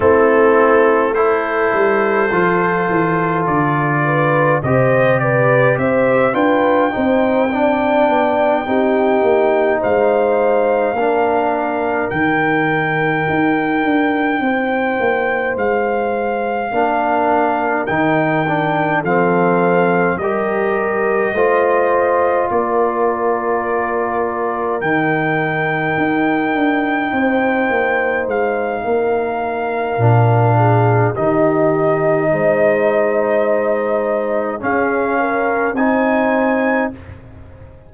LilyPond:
<<
  \new Staff \with { instrumentName = "trumpet" } { \time 4/4 \tempo 4 = 52 a'4 c''2 d''4 | dis''8 d''8 e''8 g''2~ g''8~ | g''8 f''2 g''4.~ | g''4. f''2 g''8~ |
g''8 f''4 dis''2 d''8~ | d''4. g''2~ g''8~ | g''8 f''2~ f''8 dis''4~ | dis''2 f''4 gis''4 | }
  \new Staff \with { instrumentName = "horn" } { \time 4/4 e'4 a'2~ a'8 b'8 | c''8 b'8 c''8 b'8 c''8 d''4 g'8~ | g'8 c''4 ais'2~ ais'8~ | ais'8 c''2 ais'4.~ |
ais'8 a'4 ais'4 c''4 ais'8~ | ais'2.~ ais'8 c''8~ | c''4 ais'4. gis'8 g'4 | c''2 gis'8 ais'8 c''4 | }
  \new Staff \with { instrumentName = "trombone" } { \time 4/4 c'4 e'4 f'2 | g'4. f'8 dis'8 d'4 dis'8~ | dis'4. d'4 dis'4.~ | dis'2~ dis'8 d'4 dis'8 |
d'8 c'4 g'4 f'4.~ | f'4. dis'2~ dis'8~ | dis'2 d'4 dis'4~ | dis'2 cis'4 dis'4 | }
  \new Staff \with { instrumentName = "tuba" } { \time 4/4 a4. g8 f8 e8 d4 | c4 c'8 d'8 c'4 b8 c'8 | ais8 gis4 ais4 dis4 dis'8 | d'8 c'8 ais8 gis4 ais4 dis8~ |
dis8 f4 g4 a4 ais8~ | ais4. dis4 dis'8 d'8 c'8 | ais8 gis8 ais4 ais,4 dis4 | gis2 cis'4 c'4 | }
>>